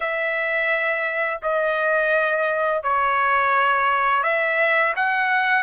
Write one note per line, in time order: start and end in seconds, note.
0.00 1.40 E5
1.42 2.82 D#5
2.82 4.23 C#5
4.23 4.93 E5
4.95 5.63 F#5